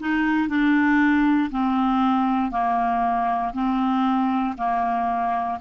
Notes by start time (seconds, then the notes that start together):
0.00 D#4
0.49 D4
1.51 C4
2.51 A#3
3.54 C4
4.58 A#3